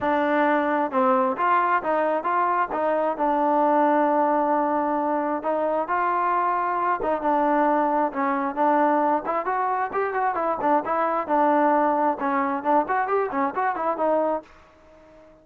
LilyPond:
\new Staff \with { instrumentName = "trombone" } { \time 4/4 \tempo 4 = 133 d'2 c'4 f'4 | dis'4 f'4 dis'4 d'4~ | d'1 | dis'4 f'2~ f'8 dis'8 |
d'2 cis'4 d'4~ | d'8 e'8 fis'4 g'8 fis'8 e'8 d'8 | e'4 d'2 cis'4 | d'8 fis'8 g'8 cis'8 fis'8 e'8 dis'4 | }